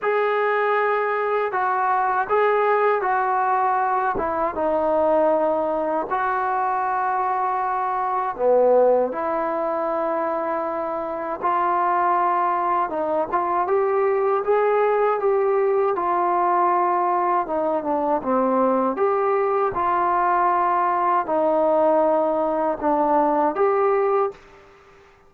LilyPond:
\new Staff \with { instrumentName = "trombone" } { \time 4/4 \tempo 4 = 79 gis'2 fis'4 gis'4 | fis'4. e'8 dis'2 | fis'2. b4 | e'2. f'4~ |
f'4 dis'8 f'8 g'4 gis'4 | g'4 f'2 dis'8 d'8 | c'4 g'4 f'2 | dis'2 d'4 g'4 | }